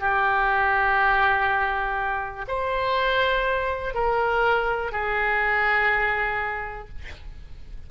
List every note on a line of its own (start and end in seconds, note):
0.00 2.46 G4
2.48 3.95 C5
3.95 4.92 A#4
4.92 6.89 G#4